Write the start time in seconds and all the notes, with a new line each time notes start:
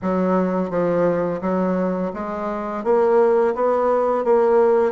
0.02 F#3
0.70 F3
1.41 F#3
2.13 G#3
2.84 A#3
3.54 B3
4.24 A#3